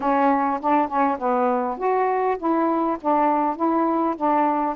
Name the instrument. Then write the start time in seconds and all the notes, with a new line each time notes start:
saxophone
0.00 C#4
0.60 D4
0.87 C#4
1.18 B3
1.77 F#4
2.38 E4
3.01 D4
3.56 E4
4.16 D4